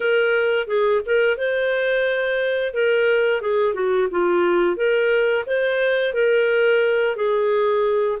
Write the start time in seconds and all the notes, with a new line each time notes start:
0.00 A#4
0.67 G#4
1.05 A#4
1.37 C5
2.73 A#4
3.41 G#4
3.73 F#4
4.11 F4
4.76 A#4
5.46 C5
6.13 A#4
7.16 G#4